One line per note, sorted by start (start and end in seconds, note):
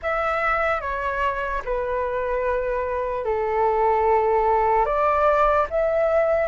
0.02 0.80 E5
0.80 1.61 C#5
1.64 3.24 B4
3.24 4.85 A4
4.85 5.66 D5
5.70 6.48 E5